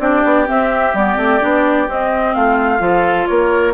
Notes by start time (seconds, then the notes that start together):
0.00 C4 D4 G4 D5
0.25 B3
0.47 C4 E5
0.94 G3 B3 D5
1.17 A3 C4
1.41 B3 D4
1.88 C4 D#5
2.34 A3 F4 F5
2.80 F3 F4 A4
3.27 A#3 A#4 C#5